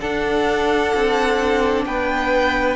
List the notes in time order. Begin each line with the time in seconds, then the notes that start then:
0.00 D4 A4 F#5
0.94 C4
1.85 B3 B4 G5